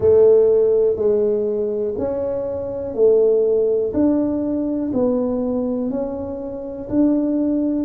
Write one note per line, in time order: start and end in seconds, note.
0.00 0.96 A3
0.96 1.94 G#3
1.98 2.94 C#4
2.94 3.93 A3
3.93 4.91 D4
4.93 5.90 B3
5.90 6.89 C#4
6.89 7.84 D4